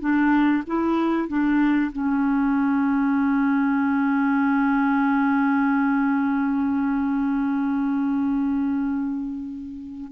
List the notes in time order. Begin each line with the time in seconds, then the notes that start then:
0.00 D4
0.67 E4
1.28 D4
1.92 C#4